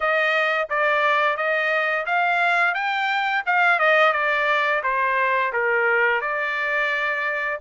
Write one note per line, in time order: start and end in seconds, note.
0.00 0.68 D#5
0.69 1.36 D5
1.36 2.05 D#5
2.06 2.74 F5
2.74 3.43 G5
3.46 3.79 F5
3.79 4.13 D#5
4.13 4.82 D5
4.83 5.52 C5
5.52 6.21 A#4
6.21 7.59 D5